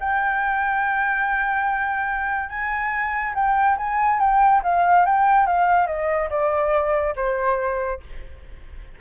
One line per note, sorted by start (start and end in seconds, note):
0.00 2.49 G5
2.49 3.34 G#5
3.35 3.77 G5
3.77 4.19 G#5
4.19 4.62 G5
4.63 5.06 F5
5.06 5.47 G5
5.47 5.87 F5
5.87 6.29 D#5
6.30 7.14 D5
7.16 8.01 C5